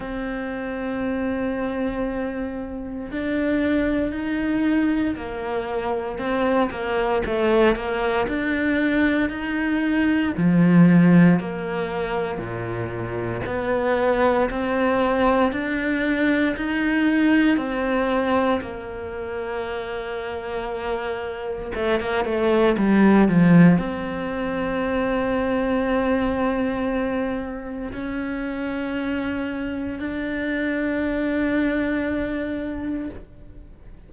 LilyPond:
\new Staff \with { instrumentName = "cello" } { \time 4/4 \tempo 4 = 58 c'2. d'4 | dis'4 ais4 c'8 ais8 a8 ais8 | d'4 dis'4 f4 ais4 | ais,4 b4 c'4 d'4 |
dis'4 c'4 ais2~ | ais4 a16 ais16 a8 g8 f8 c'4~ | c'2. cis'4~ | cis'4 d'2. | }